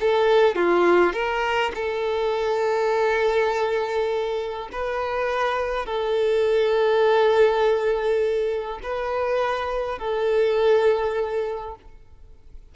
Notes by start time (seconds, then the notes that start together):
0.00 A4
0.55 F4
1.13 A#4
1.75 A4
4.72 B4
5.85 A4
8.83 B4
9.98 A4